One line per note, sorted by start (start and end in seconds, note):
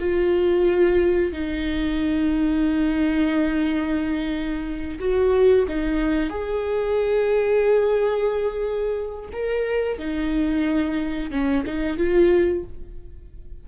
0.00 1.33 F4
1.33 4.99 D#4
4.99 5.66 F#4
5.68 6.30 D#4
6.30 9.30 G#4
9.33 9.98 A#4
9.98 11.31 D#4
11.31 11.64 C#4
11.66 11.98 D#4
11.98 12.64 F4